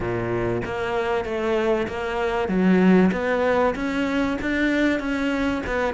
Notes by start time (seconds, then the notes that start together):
0.00 A#2
0.65 A#3
1.24 A3
1.88 A#3
2.48 F#3
3.12 B3
3.75 C#4
4.41 D4
4.99 C#4
5.66 B3